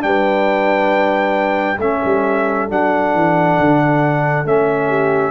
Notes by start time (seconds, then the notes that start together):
0.00 G3 D4 B4 G5
1.78 A3 C#4 A4 E5
2.04 G3
2.68 F#3 D4 F#5
3.14 E3
3.59 D3
4.45 A3 C#4 E5
4.87 G4